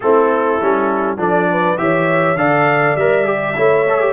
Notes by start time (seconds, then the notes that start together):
0.00 A3 C4 E4 A4
0.61 G3 C#4
1.17 F3 D4 A4 D5
1.51 B4
1.77 E3 G4 C#5 E5
2.35 D3 A4 D5 F5
2.95 G3 A#4 E5
3.25 G4
3.56 A3 E4 C#5
3.88 A4
4.00 G4